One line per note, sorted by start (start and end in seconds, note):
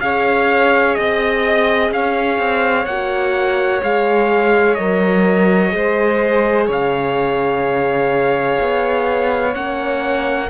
0.00 0.97 C#4
0.00 2.86 G#4
0.00 0.99 C#5
0.00 0.94 F5
0.94 1.91 C4
0.94 1.90 D#5
0.94 1.94 D#5
1.91 2.38 C#4
1.91 5.75 C#5
1.91 2.85 F5
2.38 2.86 C4
2.85 3.81 A#3
2.85 3.82 F#4
2.85 3.81 F#5
3.82 4.78 G#3
3.82 4.77 G#4
3.82 4.74 F5
4.74 5.73 F#3
4.74 5.69 A#4
4.74 6.65 D#5
5.69 6.68 G#3
5.69 9.50 G#4
5.69 6.67 C5
6.67 8.59 C#3
6.67 10.48 C#5
6.67 9.54 F5
8.61 9.55 B3
9.54 10.50 A#3
9.54 10.49 C#4
9.54 10.49 F#5